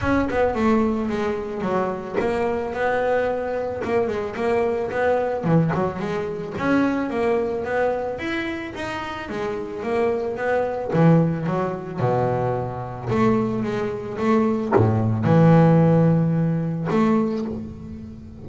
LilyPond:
\new Staff \with { instrumentName = "double bass" } { \time 4/4 \tempo 4 = 110 cis'8 b8 a4 gis4 fis4 | ais4 b2 ais8 gis8 | ais4 b4 e8 fis8 gis4 | cis'4 ais4 b4 e'4 |
dis'4 gis4 ais4 b4 | e4 fis4 b,2 | a4 gis4 a4 a,4 | e2. a4 | }